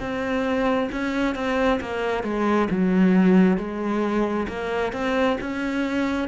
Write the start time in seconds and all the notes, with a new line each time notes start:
0.00 C4
0.92 C#4
1.35 C4
1.81 A#3
2.23 G#3
2.70 F#3
3.57 G#3
4.48 A#3
4.93 C4
5.41 C#4